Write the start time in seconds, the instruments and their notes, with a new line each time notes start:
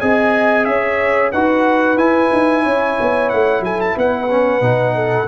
0.00 tuba C4, trombone G#4, horn D#5, trumpet G#5
0.64 tuba C#4, horn C#5, trumpet E5
1.32 tuba D#4, trombone F#4, horn B4, trumpet F#5
1.96 tuba E4, trombone E4, trumpet G#5
2.32 tuba D#4
2.63 tuba C#4, horn C#5
3.00 tuba B3
3.29 tuba A3, trumpet F#5
3.60 tuba F#3, horn A4, trumpet G#5
3.80 trumpet A5
3.96 tuba B3, horn B4, trumpet F#5
4.30 trombone C#4
4.60 tuba B2, trombone D#4
4.95 horn A4